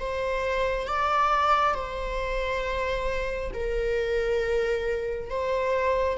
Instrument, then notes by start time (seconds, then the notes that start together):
viola
0.00 C5
0.88 D5
1.75 C5
3.54 A#4
5.30 C5